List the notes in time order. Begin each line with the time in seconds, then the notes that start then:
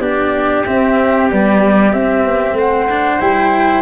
0.00 B3 D4 G4 D5
0.66 C4 E5
1.30 G3 B3 D5
1.93 C4 E5
2.25 B3
2.53 A3 C5
2.59 F#5
2.90 D4
3.20 G3 E4 G5